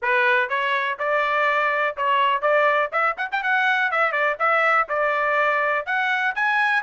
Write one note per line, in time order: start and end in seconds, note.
0.01 0.49 B4
0.49 0.98 C#5
0.98 1.96 D5
1.96 2.41 C#5
2.41 2.90 D5
2.92 3.16 E5
3.17 3.29 F#5
3.31 3.43 G5
3.43 3.91 F#5
3.91 4.12 E5
4.12 4.36 D5
4.39 4.87 E5
4.88 5.85 D5
5.85 6.34 F#5
6.35 6.82 G#5